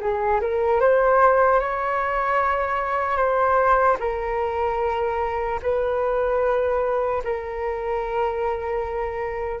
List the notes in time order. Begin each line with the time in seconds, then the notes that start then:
0.00 G#4
0.40 A#4
0.80 C5
1.60 C#5
3.16 C5
3.99 A#4
5.62 B4
7.24 A#4